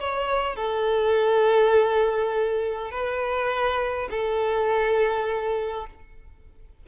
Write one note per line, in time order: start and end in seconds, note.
0.00 0.56 C#5
0.56 2.91 A4
2.91 4.09 B4
4.11 5.87 A4